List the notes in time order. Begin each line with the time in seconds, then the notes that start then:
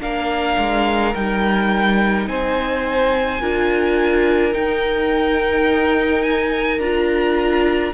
0.00 A#3 D4 A#4 F5
0.58 G#3
1.15 G3 D#4 G5
2.27 C4 C5 G#5
3.41 D4 F4 A#4
4.53 D#4 G5
6.23 G#5
6.79 D4 F4 A#5